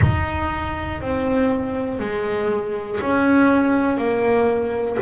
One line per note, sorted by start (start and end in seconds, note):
0.01 1.01 D#4
1.01 2.00 C4
2.00 3.00 G#3
3.00 3.97 C#4
3.97 4.97 A#3